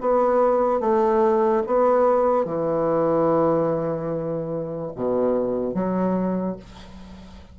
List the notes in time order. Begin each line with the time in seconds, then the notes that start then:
0.00 B3
0.80 A3
1.66 B3
2.45 E3
4.95 B2
5.74 F#3